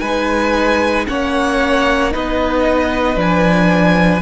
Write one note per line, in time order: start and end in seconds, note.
0.00 1.07 G#3
0.00 1.08 D#4
0.00 1.06 B4
0.00 1.05 G#5
1.07 2.15 A#3
1.07 2.11 C#4
1.07 2.12 C#5
1.07 2.13 F#5
2.11 3.16 B3
2.11 3.15 D#4
2.11 4.22 B4
2.11 3.20 D#5
3.15 4.21 F3
3.15 4.21 D4
3.15 4.22 G#5